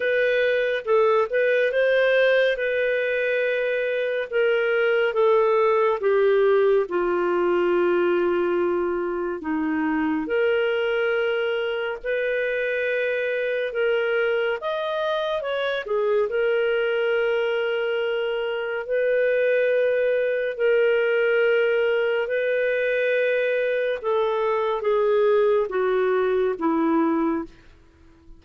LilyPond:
\new Staff \with { instrumentName = "clarinet" } { \time 4/4 \tempo 4 = 70 b'4 a'8 b'8 c''4 b'4~ | b'4 ais'4 a'4 g'4 | f'2. dis'4 | ais'2 b'2 |
ais'4 dis''4 cis''8 gis'8 ais'4~ | ais'2 b'2 | ais'2 b'2 | a'4 gis'4 fis'4 e'4 | }